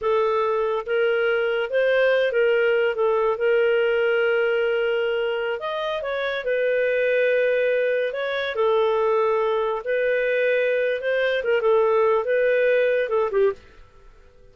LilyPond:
\new Staff \with { instrumentName = "clarinet" } { \time 4/4 \tempo 4 = 142 a'2 ais'2 | c''4. ais'4. a'4 | ais'1~ | ais'4~ ais'16 dis''4 cis''4 b'8.~ |
b'2.~ b'16 cis''8.~ | cis''16 a'2. b'8.~ | b'2 c''4 ais'8 a'8~ | a'4 b'2 a'8 g'8 | }